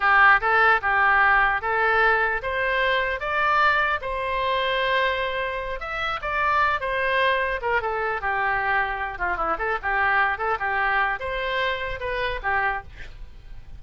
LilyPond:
\new Staff \with { instrumentName = "oboe" } { \time 4/4 \tempo 4 = 150 g'4 a'4 g'2 | a'2 c''2 | d''2 c''2~ | c''2~ c''8 e''4 d''8~ |
d''4 c''2 ais'8 a'8~ | a'8 g'2~ g'8 f'8 e'8 | a'8 g'4. a'8 g'4. | c''2 b'4 g'4 | }